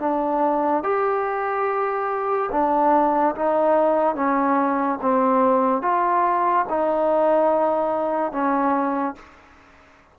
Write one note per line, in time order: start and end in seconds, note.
0.00 0.83 D4
0.84 2.50 G4
2.52 3.35 D4
3.36 4.16 D#4
4.16 4.99 C#4
5.02 5.83 C4
5.83 6.66 F4
6.70 8.32 D#4
8.32 9.16 C#4